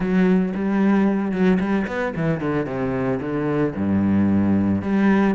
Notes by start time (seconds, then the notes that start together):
0.00 F#3
0.55 G3
1.31 F#3
1.59 G3
1.87 B3
2.15 E3
2.40 D3
2.66 C3
3.20 D3
3.75 G2
4.82 G3